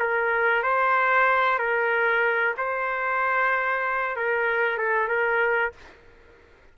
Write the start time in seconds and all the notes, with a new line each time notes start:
0.00 A#4
0.64 C5
1.59 A#4
2.58 C5
4.17 A#4
4.78 A4
5.09 A#4